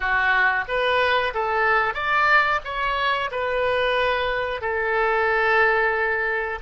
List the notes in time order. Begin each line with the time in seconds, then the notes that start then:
0.00 F#4
0.67 B4
1.34 A4
1.94 D5
2.64 C#5
3.31 B4
4.61 A4